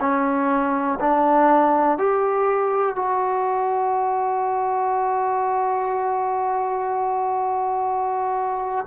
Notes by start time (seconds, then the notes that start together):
0.00 C#4
1.00 D4
1.98 G4
2.96 F#4